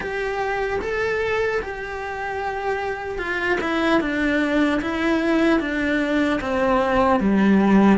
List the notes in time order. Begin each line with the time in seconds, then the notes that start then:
0.00 G4
0.81 A4
1.61 G4
3.18 F4
3.60 E4
4.00 D4
4.81 E4
5.60 D4
6.40 C4
7.20 G3